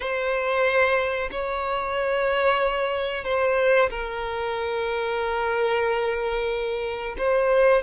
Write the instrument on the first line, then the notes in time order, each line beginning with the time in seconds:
violin
0.00 C5
1.31 C#5
3.24 C5
3.90 A#4
7.17 C5